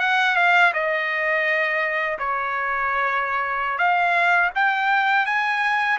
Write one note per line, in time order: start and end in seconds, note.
0.00 0.36 F#5
0.36 0.72 F5
0.74 2.18 D#5
2.19 3.78 C#5
3.78 4.50 F5
4.55 5.26 G5
5.26 5.98 G#5